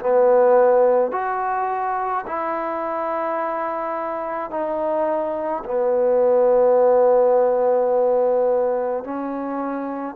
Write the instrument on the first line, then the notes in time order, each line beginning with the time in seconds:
trombone
0.00 B3
1.12 F#4
2.27 E4
4.50 D#4
5.64 B3
9.04 C#4